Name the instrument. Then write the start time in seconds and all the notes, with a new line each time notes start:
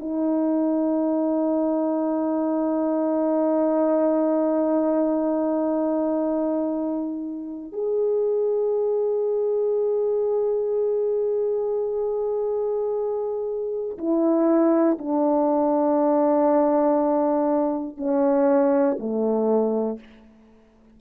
horn
0.00 D#4
7.73 G#4
13.99 E4
14.99 D4
17.97 C#4
19.00 A3